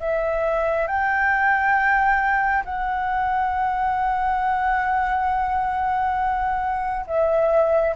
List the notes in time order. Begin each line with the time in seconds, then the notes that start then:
0.00 E5
0.87 G5
2.64 F#5
7.07 E5